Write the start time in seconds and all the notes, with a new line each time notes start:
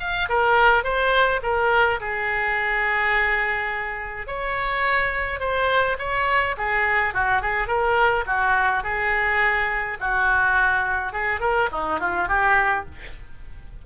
0.00 F5
0.29 A#4
0.84 C5
1.43 A#4
2.00 G#4
4.27 C#5
5.40 C5
5.99 C#5
6.57 G#4
7.14 F#4
7.42 G#4
7.68 A#4
8.26 F#4
8.84 G#4
10.01 F#4
11.13 G#4
11.41 A#4
11.72 D#4
12.00 F4
12.28 G4